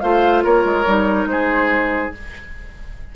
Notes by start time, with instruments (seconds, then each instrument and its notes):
0.00 bassoon A3, clarinet F4, oboe C5, flute F5
0.43 bassoon A#3, oboe A#4, flute C#5
0.64 bassoon G#3
0.85 bassoon G3, clarinet D#4
1.25 bassoon G#3, oboe G#4, flute C5